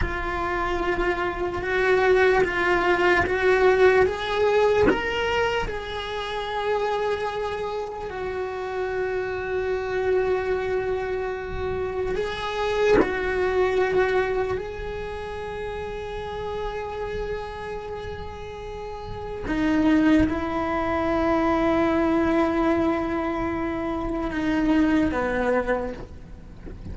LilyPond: \new Staff \with { instrumentName = "cello" } { \time 4/4 \tempo 4 = 74 f'2 fis'4 f'4 | fis'4 gis'4 ais'4 gis'4~ | gis'2 fis'2~ | fis'2. gis'4 |
fis'2 gis'2~ | gis'1 | dis'4 e'2.~ | e'2 dis'4 b4 | }